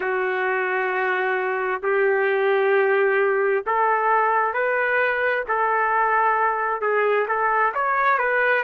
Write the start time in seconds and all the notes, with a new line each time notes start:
0.00 F#4
1.83 G4
3.66 A4
4.53 B4
5.48 A4
6.81 G#4
7.27 A4
7.74 C#5
8.18 B4